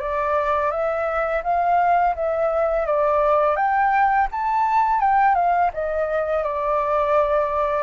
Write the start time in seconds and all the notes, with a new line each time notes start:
0.00 D5
0.71 E5
1.44 F5
2.16 E5
2.87 D5
3.57 G5
4.32 A5
5.01 G5
5.35 F5
5.74 D#5
6.44 D5